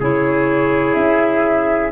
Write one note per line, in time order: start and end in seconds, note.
0.00 0.96 C#3
0.00 1.92 E4
0.00 1.92 G#4
0.00 0.94 C#5
0.94 1.92 C#4
0.94 1.91 E5